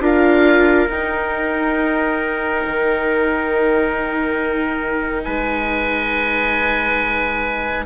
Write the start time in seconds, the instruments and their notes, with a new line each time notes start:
0.00 bassoon D4, viola F4, trumpet A#4, oboe F5
0.90 bassoon D#4, viola D#4, oboe G5
2.66 bassoon D#3
5.24 bassoon G#3, trumpet B4, oboe G#5